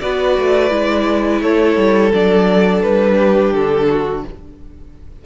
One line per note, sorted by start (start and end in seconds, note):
0.00 0.38 B3
0.00 0.70 F#4
0.00 1.42 B4
0.00 1.41 D5
0.38 0.71 A3
0.70 1.41 G#3
0.70 2.11 E4
1.41 1.76 A3
1.41 3.17 A4
1.41 2.12 C#5
1.77 2.12 G3
2.13 2.84 F#3
2.13 4.25 D4
2.13 2.82 D5
2.82 3.53 G3
2.82 3.53 B4
3.17 3.87 G4
3.53 4.24 D3
3.53 4.24 A4
3.90 4.25 F#4